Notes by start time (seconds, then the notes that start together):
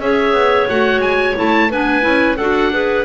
0.00 C#4 G#4 C#5 E5
0.33 B3
0.69 A3 F#4 F#5
0.98 G#3 G#5
1.35 A3 E4 A5
1.70 B3 D4 B4 G#5
2.01 C#4 E4
2.36 D4 F#4 A4 F#5
2.71 G#4 B4